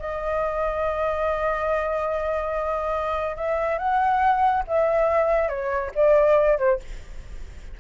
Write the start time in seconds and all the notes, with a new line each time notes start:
0.00 D#5
3.37 E5
3.79 F#5
4.68 E5
5.49 C#5
5.95 D5
6.59 C5